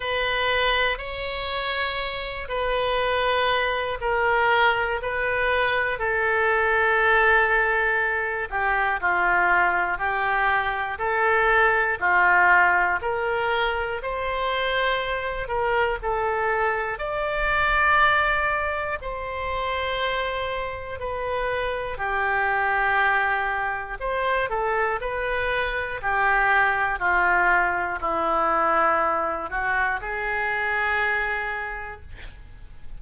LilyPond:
\new Staff \with { instrumentName = "oboe" } { \time 4/4 \tempo 4 = 60 b'4 cis''4. b'4. | ais'4 b'4 a'2~ | a'8 g'8 f'4 g'4 a'4 | f'4 ais'4 c''4. ais'8 |
a'4 d''2 c''4~ | c''4 b'4 g'2 | c''8 a'8 b'4 g'4 f'4 | e'4. fis'8 gis'2 | }